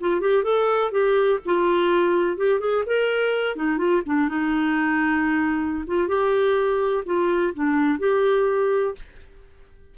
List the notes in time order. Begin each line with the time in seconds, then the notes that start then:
0.00 F4
0.21 G4
0.43 A4
0.91 G4
1.45 F4
2.37 G4
2.59 G#4
2.86 A#4
3.56 D#4
3.77 F4
4.06 D4
4.29 D#4
5.86 F4
6.07 G4
7.05 F4
7.54 D4
7.99 G4